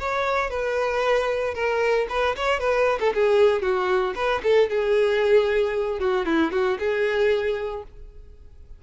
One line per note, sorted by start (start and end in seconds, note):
0.00 0.50 C#5
0.50 1.55 B4
1.55 2.07 A#4
2.10 2.36 B4
2.36 2.60 C#5
2.60 2.99 B4
3.00 3.13 A4
3.14 3.62 G#4
3.62 4.14 F#4
4.15 4.42 B4
4.43 4.70 A4
4.70 6.00 G#4
6.00 6.26 F#4
6.26 6.52 E4
6.52 6.78 F#4
6.79 7.84 G#4